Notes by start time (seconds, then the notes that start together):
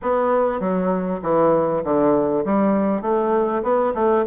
0.02 B3
0.60 F#3
1.22 E3
1.83 D3
2.45 G3
3.01 A3
3.63 B3
3.94 A3